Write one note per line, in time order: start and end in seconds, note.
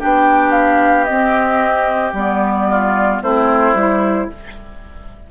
0.00 1.10 B3
0.00 1.07 D4
0.00 2.68 G4
0.00 0.52 G5
0.52 1.05 F5
1.05 2.16 C4
1.05 2.13 C4
1.05 2.12 D#5
2.13 3.21 G3
2.13 3.23 B3
2.13 3.23 D5
2.71 3.23 F4
3.23 3.74 A3
3.23 3.77 C4
3.23 4.30 E4
3.23 4.30 C5
3.74 4.28 G3
3.74 4.31 E4